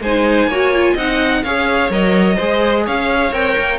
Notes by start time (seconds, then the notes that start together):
0.00 G#3 D#4 C5 G#5
0.46 A#3 F#4 C#5
0.74 F4
0.93 C4 D#4 D#5 F#5
1.43 C#4 G#4 C#5 F5
1.89 F#3 A#4 D#5
2.36 G#3 G#4 C5
2.85 C#4 C#5 F5
3.32 C4 A#4 G5
3.58 A#3